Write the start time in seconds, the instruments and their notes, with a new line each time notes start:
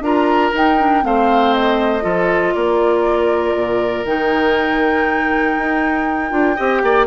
0.00 bassoon D4, clarinet F4, oboe A#4, flute A#5
0.52 clarinet D#4, bassoon D#4, flute G5
0.78 clarinet D4
1.02 bassoon A3, clarinet C4, oboe C5, flute F5
1.53 flute D#5
2.01 bassoon F3, clarinet F4, oboe A4
2.54 bassoon A#3, oboe A#4, flute D5
3.55 bassoon A#2
4.05 bassoon D#3, clarinet D#4, flute G5
5.58 bassoon D#4
6.30 bassoon D4, clarinet F4
6.55 bassoon C4, clarinet G4, oboe D#5
6.82 bassoon A#3, oboe D5